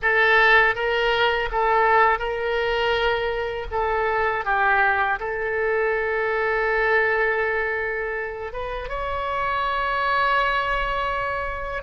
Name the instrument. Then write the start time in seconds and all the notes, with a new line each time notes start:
oboe
0.02 A4
0.75 A#4
1.51 A4
2.19 A#4
3.71 A4
4.44 G4
5.19 A4
8.53 B4
8.89 C#5